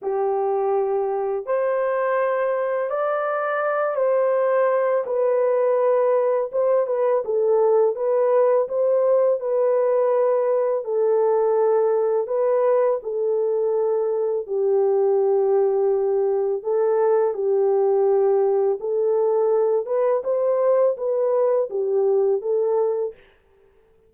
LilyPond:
\new Staff \with { instrumentName = "horn" } { \time 4/4 \tempo 4 = 83 g'2 c''2 | d''4. c''4. b'4~ | b'4 c''8 b'8 a'4 b'4 | c''4 b'2 a'4~ |
a'4 b'4 a'2 | g'2. a'4 | g'2 a'4. b'8 | c''4 b'4 g'4 a'4 | }